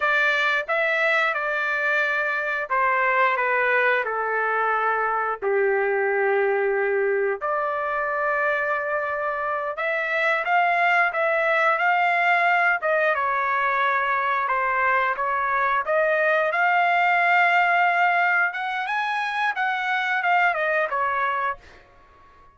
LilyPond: \new Staff \with { instrumentName = "trumpet" } { \time 4/4 \tempo 4 = 89 d''4 e''4 d''2 | c''4 b'4 a'2 | g'2. d''4~ | d''2~ d''8 e''4 f''8~ |
f''8 e''4 f''4. dis''8 cis''8~ | cis''4. c''4 cis''4 dis''8~ | dis''8 f''2. fis''8 | gis''4 fis''4 f''8 dis''8 cis''4 | }